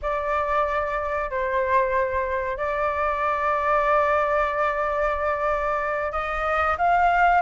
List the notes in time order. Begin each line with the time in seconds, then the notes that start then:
0.01 D5
1.30 C5
2.57 D5
6.11 D#5
6.77 F5